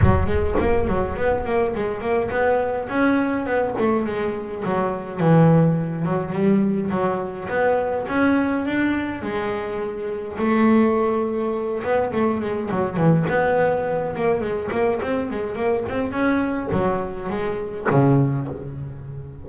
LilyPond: \new Staff \with { instrumentName = "double bass" } { \time 4/4 \tempo 4 = 104 fis8 gis8 ais8 fis8 b8 ais8 gis8 ais8 | b4 cis'4 b8 a8 gis4 | fis4 e4. fis8 g4 | fis4 b4 cis'4 d'4 |
gis2 a2~ | a8 b8 a8 gis8 fis8 e8 b4~ | b8 ais8 gis8 ais8 c'8 gis8 ais8 c'8 | cis'4 fis4 gis4 cis4 | }